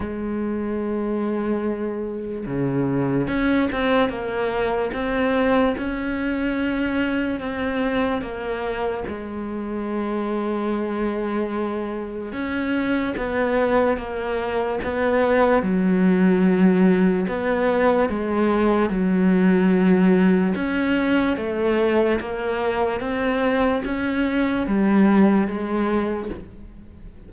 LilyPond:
\new Staff \with { instrumentName = "cello" } { \time 4/4 \tempo 4 = 73 gis2. cis4 | cis'8 c'8 ais4 c'4 cis'4~ | cis'4 c'4 ais4 gis4~ | gis2. cis'4 |
b4 ais4 b4 fis4~ | fis4 b4 gis4 fis4~ | fis4 cis'4 a4 ais4 | c'4 cis'4 g4 gis4 | }